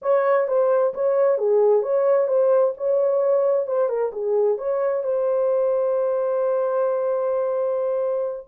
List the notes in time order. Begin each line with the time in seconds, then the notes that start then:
0.01 C#5
0.47 C5
0.93 C#5
1.37 G#4
1.82 C#5
2.27 C5
2.77 C#5
3.66 C5
3.88 A#4
4.12 G#4
4.58 C#5
5.03 C5